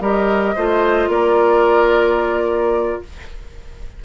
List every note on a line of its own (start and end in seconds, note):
0.00 0.55 G3
0.00 0.56 G4
0.00 0.56 A#4
0.00 1.10 D#5
0.56 1.08 A3
0.56 3.04 F4
0.56 1.10 C5
1.08 3.01 A#3
1.08 3.02 A#4
1.08 3.03 D5